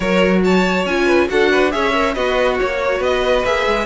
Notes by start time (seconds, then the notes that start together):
0.00 F#3 F#4 A#4 C#5
0.44 C#5 A5
0.85 C#4 F4 G#5
1.06 B4
1.29 D4 F#4 A4 F#5
1.51 B4
1.71 C#4 G#4 C#5 E5
1.94 A#4
2.13 B3 F#4 B4 D#5
2.59 A#3 F#4 C#5
2.98 B3 B4 D#5
3.45 A#3 G#4 E5
3.66 G#3